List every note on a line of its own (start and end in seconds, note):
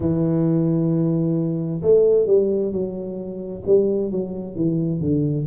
0.00 1.81 E3
1.81 2.26 A3
2.26 2.71 G3
2.71 3.62 F#3
3.66 4.11 G3
4.11 4.55 F#3
4.55 5.00 E3
5.00 5.45 D3